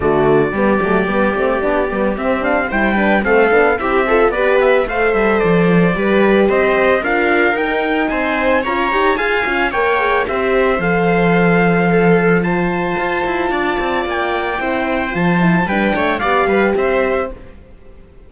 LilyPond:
<<
  \new Staff \with { instrumentName = "trumpet" } { \time 4/4 \tempo 4 = 111 d''1 | e''8 f''8 g''4 f''4 e''4 | d''8 e''8 f''8 e''8 d''2 | dis''4 f''4 g''4 gis''4 |
ais''4 gis''4 g''4 e''4 | f''2. a''4~ | a''2 g''2 | a''4 g''4 f''4 e''4 | }
  \new Staff \with { instrumentName = "viola" } { \time 4/4 fis'4 g'2.~ | g'4 c''8 b'8 a'4 g'8 a'8 | b'4 c''2 b'4 | c''4 ais'2 c''4 |
cis''4 f''4 cis''4 c''4~ | c''2 a'4 c''4~ | c''4 d''2 c''4~ | c''4 b'8 cis''8 d''8 b'8 c''4 | }
  \new Staff \with { instrumentName = "horn" } { \time 4/4 a4 b8 a8 b8 c'8 d'8 b8 | c'8 d'8 e'8 d'8 c'8 d'8 e'8 f'8 | g'4 a'2 g'4~ | g'4 f'4 dis'2 |
f'8 g'8 gis'8 f'8 ais'8 gis'8 g'4 | a'2. f'4~ | f'2. e'4 | f'8 e'8 d'4 g'2 | }
  \new Staff \with { instrumentName = "cello" } { \time 4/4 d4 g8 fis8 g8 a8 b8 g8 | c'4 g4 a8 b8 c'4 | b4 a8 g8 f4 g4 | c'4 d'4 dis'4 c'4 |
cis'8 dis'8 f'8 cis'8 ais4 c'4 | f1 | f'8 e'8 d'8 c'8 ais4 c'4 | f4 g8 a8 b8 g8 c'4 | }
>>